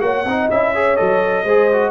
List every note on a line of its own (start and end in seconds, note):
0.00 0.24 A#3
0.00 0.24 F#4
0.00 0.27 C#5
0.00 0.49 F#5
0.24 0.48 C4
0.24 0.51 D#4
0.24 0.73 D#5
0.50 0.99 C#4
0.50 0.75 E4
0.50 0.96 E5
0.73 0.96 G#4
0.73 1.44 C#5
0.96 1.44 F#3
0.96 1.45 A4
0.96 1.91 D#5
1.44 1.91 G#3
1.44 1.72 G#4
1.44 1.91 C5
1.72 1.91 F#4